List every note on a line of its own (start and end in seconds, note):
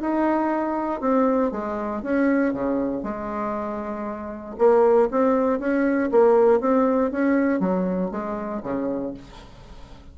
0.00 1.00 D#4
1.00 1.51 C4
1.51 2.02 G#3
2.02 2.53 C#4
2.53 3.03 C#3
3.03 4.55 G#3
4.58 5.08 A#3
5.11 5.59 C4
5.59 6.10 C#4
6.11 6.60 A#3
6.60 7.11 C4
7.11 7.59 C#4
7.59 8.10 F#3
8.11 8.62 G#3
8.63 9.13 C#3